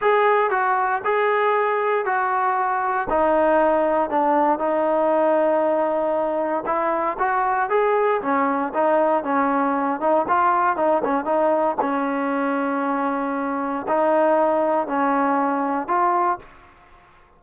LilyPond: \new Staff \with { instrumentName = "trombone" } { \time 4/4 \tempo 4 = 117 gis'4 fis'4 gis'2 | fis'2 dis'2 | d'4 dis'2.~ | dis'4 e'4 fis'4 gis'4 |
cis'4 dis'4 cis'4. dis'8 | f'4 dis'8 cis'8 dis'4 cis'4~ | cis'2. dis'4~ | dis'4 cis'2 f'4 | }